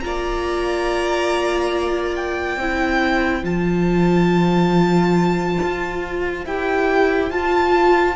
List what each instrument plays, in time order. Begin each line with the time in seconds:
0.00 cello A#3, viola F4, violin D5 A#5
2.15 violin G5
2.56 cello C4, viola E4, violin C5
3.43 cello F3, viola F4, violin A5
5.62 cello F4
6.45 cello E4, viola G4, violin G5
7.30 viola F4, cello F4, violin A5